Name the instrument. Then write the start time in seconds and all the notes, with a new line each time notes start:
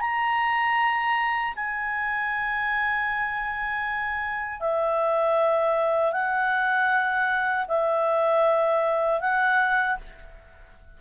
clarinet
0.00 A#5
1.55 G#5
4.60 E5
6.12 F#5
7.67 E5
9.20 F#5